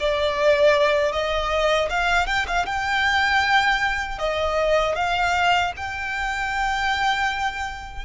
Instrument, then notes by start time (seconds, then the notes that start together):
violin
0.00 D5
1.12 D#5
1.90 F5
2.27 G5
2.48 F5
2.66 G5
4.19 D#5
4.96 F5
5.77 G5